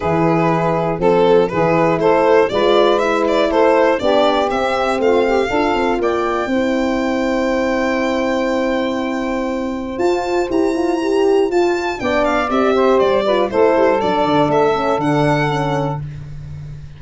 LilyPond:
<<
  \new Staff \with { instrumentName = "violin" } { \time 4/4 \tempo 4 = 120 b'2 a'4 b'4 | c''4 d''4 e''8 d''8 c''4 | d''4 e''4 f''2 | g''1~ |
g''1 | a''4 ais''2 a''4 | g''8 f''8 e''4 d''4 c''4 | d''4 e''4 fis''2 | }
  \new Staff \with { instrumentName = "saxophone" } { \time 4/4 gis'2 a'4 gis'4 | a'4 b'2 a'4 | g'2 f'8 g'8 a'4 | d''4 c''2.~ |
c''1~ | c''1 | d''4. c''4 b'8 a'4~ | a'1 | }
  \new Staff \with { instrumentName = "horn" } { \time 4/4 e'2 c'4 e'4~ | e'4 f'4 e'2 | d'4 c'2 f'4~ | f'4 e'2.~ |
e'1 | f'4 g'8 f'8 g'4 f'4 | d'4 g'4. f'8 e'4 | d'4. cis'8 d'4 cis'4 | }
  \new Staff \with { instrumentName = "tuba" } { \time 4/4 e2 f4 e4 | a4 gis2 a4 | b4 c'4 a4 d'8 c'8 | ais4 c'2.~ |
c'1 | f'4 e'2 f'4 | b4 c'4 g4 a8 g8 | fis8 d8 a4 d2 | }
>>